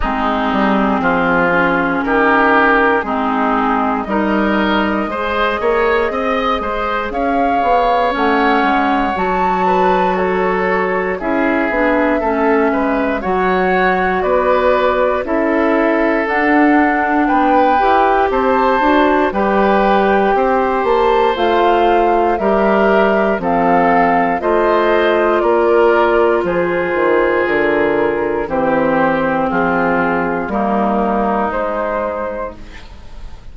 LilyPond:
<<
  \new Staff \with { instrumentName = "flute" } { \time 4/4 \tempo 4 = 59 gis'2 ais'4 gis'4 | dis''2. f''4 | fis''4 a''4 cis''4 e''4~ | e''4 fis''4 d''4 e''4 |
fis''4 g''4 a''4 g''4~ | g''8 a''8 f''4 e''4 f''4 | dis''4 d''4 c''4 ais'4 | c''4 gis'4 ais'4 c''4 | }
  \new Staff \with { instrumentName = "oboe" } { \time 4/4 dis'4 f'4 g'4 dis'4 | ais'4 c''8 cis''8 dis''8 c''8 cis''4~ | cis''4. b'8 a'4 gis'4 | a'8 b'8 cis''4 b'4 a'4~ |
a'4 b'4 c''4 b'4 | c''2 ais'4 a'4 | c''4 ais'4 gis'2 | g'4 f'4 dis'2 | }
  \new Staff \with { instrumentName = "clarinet" } { \time 4/4 c'4. cis'4. c'4 | dis'4 gis'2. | cis'4 fis'2 e'8 d'8 | cis'4 fis'2 e'4 |
d'4. g'4 fis'8 g'4~ | g'4 f'4 g'4 c'4 | f'1 | c'2 ais4 gis4 | }
  \new Staff \with { instrumentName = "bassoon" } { \time 4/4 gis8 g8 f4 dis4 gis4 | g4 gis8 ais8 c'8 gis8 cis'8 b8 | a8 gis8 fis2 cis'8 b8 | a8 gis8 fis4 b4 cis'4 |
d'4 b8 e'8 c'8 d'8 g4 | c'8 ais8 a4 g4 f4 | a4 ais4 f8 dis8 d4 | e4 f4 g4 gis4 | }
>>